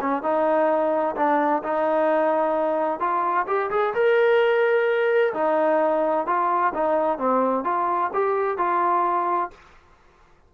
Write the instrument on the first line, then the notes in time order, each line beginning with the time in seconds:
trombone
0.00 C#4
0.22 D#4
1.15 D4
1.63 D#4
2.99 F4
3.47 G4
3.70 G#4
3.94 A#4
5.33 D#4
6.26 F4
6.74 D#4
7.18 C4
7.64 F4
8.13 G4
8.57 F4